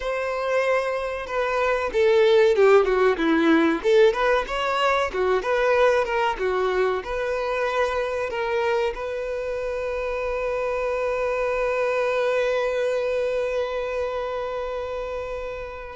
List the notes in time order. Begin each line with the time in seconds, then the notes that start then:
0.00 C5
1.26 B4
1.92 A4
2.55 G4
2.85 F#4
3.17 E4
3.83 A4
4.13 B4
4.47 C#5
5.13 F#4
5.42 B4
6.04 A#4
6.38 F#4
7.04 B4
8.29 A#4
8.94 B4